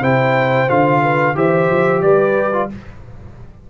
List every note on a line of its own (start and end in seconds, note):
0.00 0.68 C3
0.00 0.68 E4
0.00 1.01 C5
0.00 0.69 G5
0.68 1.35 D3
0.68 1.35 F4
0.68 1.37 F5
1.01 1.35 B4
1.35 1.68 E3
1.35 2.53 G4
1.35 2.03 C5
1.35 2.02 E5
1.70 2.02 F3
2.02 2.69 G3
2.02 2.70 B4
2.02 2.69 D5
2.53 2.69 F4